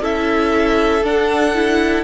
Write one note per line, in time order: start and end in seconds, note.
0.00 1.02 C#4
0.00 1.03 E4
0.00 2.03 A4
0.00 1.06 E5
1.02 2.03 D4
1.02 1.54 D4
1.02 2.03 F#5
1.54 2.03 E4